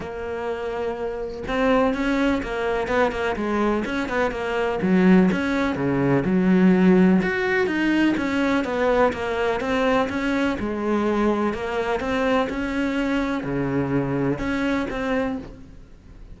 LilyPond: \new Staff \with { instrumentName = "cello" } { \time 4/4 \tempo 4 = 125 ais2. c'4 | cis'4 ais4 b8 ais8 gis4 | cis'8 b8 ais4 fis4 cis'4 | cis4 fis2 fis'4 |
dis'4 cis'4 b4 ais4 | c'4 cis'4 gis2 | ais4 c'4 cis'2 | cis2 cis'4 c'4 | }